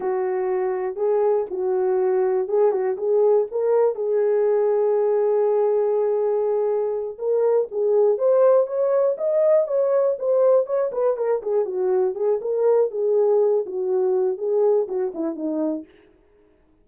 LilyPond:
\new Staff \with { instrumentName = "horn" } { \time 4/4 \tempo 4 = 121 fis'2 gis'4 fis'4~ | fis'4 gis'8 fis'8 gis'4 ais'4 | gis'1~ | gis'2~ gis'8 ais'4 gis'8~ |
gis'8 c''4 cis''4 dis''4 cis''8~ | cis''8 c''4 cis''8 b'8 ais'8 gis'8 fis'8~ | fis'8 gis'8 ais'4 gis'4. fis'8~ | fis'4 gis'4 fis'8 e'8 dis'4 | }